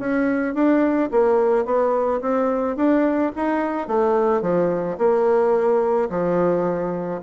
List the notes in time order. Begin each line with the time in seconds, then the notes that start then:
0.00 C#4
0.55 D4
1.12 A#3
1.66 B3
2.22 C4
2.77 D4
3.36 D#4
3.88 A3
4.42 F3
4.98 A#3
6.10 F3